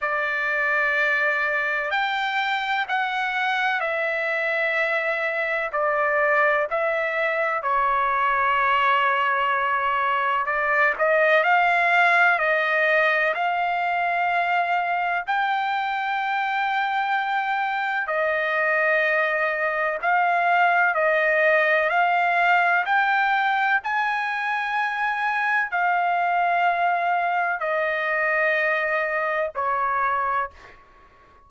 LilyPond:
\new Staff \with { instrumentName = "trumpet" } { \time 4/4 \tempo 4 = 63 d''2 g''4 fis''4 | e''2 d''4 e''4 | cis''2. d''8 dis''8 | f''4 dis''4 f''2 |
g''2. dis''4~ | dis''4 f''4 dis''4 f''4 | g''4 gis''2 f''4~ | f''4 dis''2 cis''4 | }